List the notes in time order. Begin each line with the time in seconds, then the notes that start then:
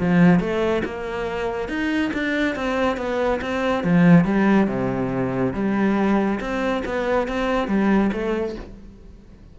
0.00 F3
0.40 A3
0.85 A#3
1.69 D#4
2.14 D4
2.56 C4
2.97 B3
3.42 C4
3.84 F3
4.25 G3
4.68 C3
5.54 G3
6.40 C4
6.85 B3
7.28 C4
7.68 G3
8.13 A3